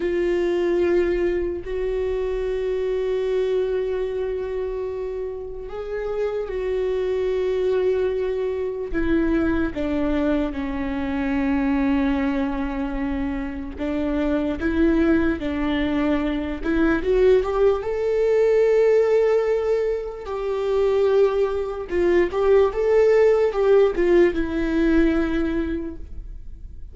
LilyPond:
\new Staff \with { instrumentName = "viola" } { \time 4/4 \tempo 4 = 74 f'2 fis'2~ | fis'2. gis'4 | fis'2. e'4 | d'4 cis'2.~ |
cis'4 d'4 e'4 d'4~ | d'8 e'8 fis'8 g'8 a'2~ | a'4 g'2 f'8 g'8 | a'4 g'8 f'8 e'2 | }